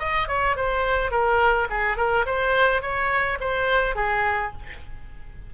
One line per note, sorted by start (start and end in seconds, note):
0.00 0.28 D#5
0.28 0.57 C#5
0.57 1.11 C5
1.11 1.68 A#4
1.70 1.97 G#4
1.97 2.26 A#4
2.26 2.82 C5
2.82 3.39 C#5
3.41 3.96 C5
3.96 4.52 G#4